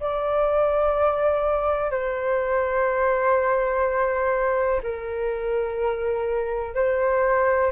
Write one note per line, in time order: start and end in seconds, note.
0.00 1.91 D5
1.91 4.81 C5
4.83 6.75 A#4
6.75 7.72 C5